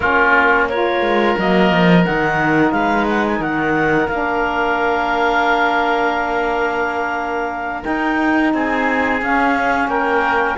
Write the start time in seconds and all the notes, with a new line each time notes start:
0.00 A#3 C#4 F4 A#4
0.68 F4 A#4 C#5
1.01 G#3
1.37 F#3 A#3 D#5
1.71 F3
2.04 D#3 D#4 F#5
2.71 G#3 B4 F5
3.09 F#5
3.26 G#5
3.39 D#3 A#4 F#5
4.08 A#3 D4 F5
7.83 D#4 G5
8.53 C4 G#4 G#5
9.21 C#4 F5
9.87 A#3 A#4 G5